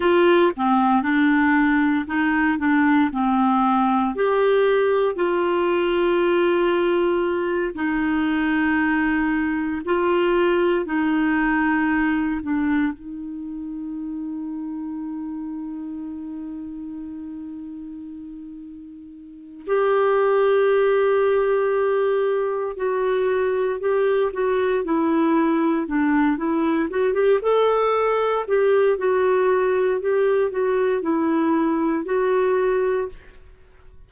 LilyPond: \new Staff \with { instrumentName = "clarinet" } { \time 4/4 \tempo 4 = 58 f'8 c'8 d'4 dis'8 d'8 c'4 | g'4 f'2~ f'8 dis'8~ | dis'4. f'4 dis'4. | d'8 dis'2.~ dis'8~ |
dis'2. g'4~ | g'2 fis'4 g'8 fis'8 | e'4 d'8 e'8 fis'16 g'16 a'4 g'8 | fis'4 g'8 fis'8 e'4 fis'4 | }